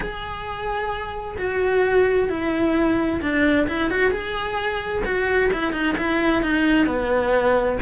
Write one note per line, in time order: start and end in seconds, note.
0.00 1.37 G#4
1.38 2.29 F#4
2.29 3.20 E4
3.21 3.67 D4
3.67 3.90 E4
3.90 4.11 F#4
4.11 5.03 G#4
5.04 5.50 F#4
5.53 5.72 E4
5.72 5.95 D#4
5.97 6.42 E4
6.42 6.86 D#4
6.86 7.77 B3